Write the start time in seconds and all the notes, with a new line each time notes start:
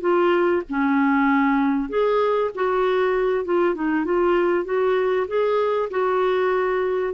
0.00 F4
0.69 C#4
1.89 G#4
2.54 F#4
3.44 F4
3.75 D#4
4.04 F4
4.64 F#4
5.27 G#4
5.90 F#4